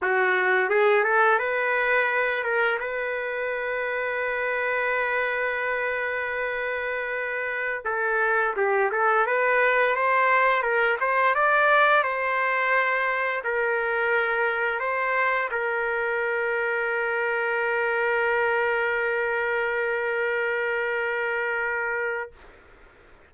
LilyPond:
\new Staff \with { instrumentName = "trumpet" } { \time 4/4 \tempo 4 = 86 fis'4 gis'8 a'8 b'4. ais'8 | b'1~ | b'2.~ b'16 a'8.~ | a'16 g'8 a'8 b'4 c''4 ais'8 c''16~ |
c''16 d''4 c''2 ais'8.~ | ais'4~ ais'16 c''4 ais'4.~ ais'16~ | ais'1~ | ais'1 | }